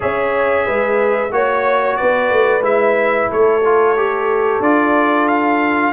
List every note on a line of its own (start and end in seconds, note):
0.00 0.67 C#4
0.00 1.29 G#4
0.00 0.65 C#5
0.00 1.32 E5
0.65 1.31 G#3
0.65 1.31 B4
1.31 1.97 A#3
1.31 2.62 F#4
1.31 1.96 C#5
1.31 1.98 C#5
1.96 2.30 B3
1.96 3.30 B4
1.96 2.62 D5
2.30 2.61 A3
2.61 3.27 G#3
2.61 3.61 E4
2.61 3.30 E5
3.30 4.59 A3
3.30 5.92 A4
3.30 4.62 C#5
3.64 3.96 F4
3.96 4.62 G4
4.59 5.91 D4
4.59 5.92 F4
4.59 5.28 D5
5.28 5.92 F5